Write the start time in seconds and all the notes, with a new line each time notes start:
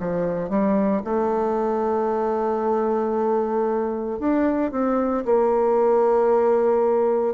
0.00 F3
0.50 G3
1.04 A3
4.20 D4
4.72 C4
5.25 A#3